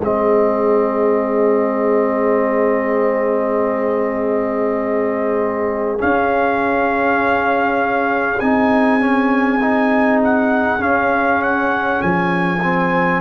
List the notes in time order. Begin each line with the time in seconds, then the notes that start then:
0.00 G#3 C4 G#4 D#5
5.99 C#4 F5
8.40 C4 D#4 G#5
9.01 C#4
9.62 D#4
10.24 F#5
10.79 C#4 F5
11.43 F#5
12.02 F3 G#5
12.63 C4